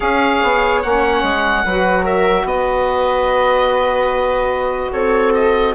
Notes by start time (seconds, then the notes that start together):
0.00 C#4 G#4 C#5 F5
0.42 B3
0.82 A#3 C#4 F#5
1.22 G#3
1.64 F#3 F#4 B4
2.02 A#4 E5
2.44 B3 B4 D#5
4.91 C4 A4 C#5
5.34 D#5